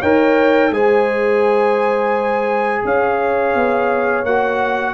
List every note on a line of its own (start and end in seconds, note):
0.00 0.71 D#4
0.00 0.72 A#4
0.00 0.71 C#5
0.00 0.72 G5
0.71 2.82 G#3
0.71 4.25 G#4
0.71 2.85 C5
0.71 2.85 G#5
2.84 3.55 C#4
2.84 4.93 C#5
2.84 4.25 F5
3.55 4.24 B3
4.24 4.93 A#3
4.24 4.93 F#4
4.24 4.93 F#5